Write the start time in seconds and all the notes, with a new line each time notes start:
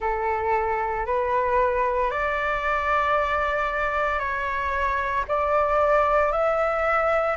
0.00 A4
1.06 B4
2.11 D5
4.19 C#5
5.27 D5
6.32 E5